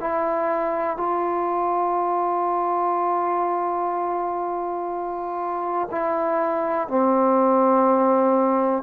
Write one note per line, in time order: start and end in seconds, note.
0.00 0.97 E4
0.97 5.89 F4
5.91 6.88 E4
6.88 8.83 C4